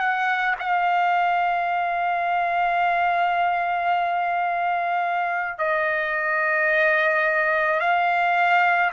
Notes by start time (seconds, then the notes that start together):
0.00 F#5
0.60 F5
5.59 D#5
7.80 F5